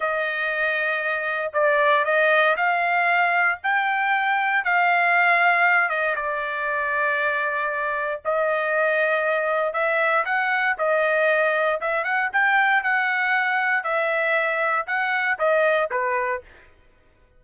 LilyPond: \new Staff \with { instrumentName = "trumpet" } { \time 4/4 \tempo 4 = 117 dis''2. d''4 | dis''4 f''2 g''4~ | g''4 f''2~ f''8 dis''8 | d''1 |
dis''2. e''4 | fis''4 dis''2 e''8 fis''8 | g''4 fis''2 e''4~ | e''4 fis''4 dis''4 b'4 | }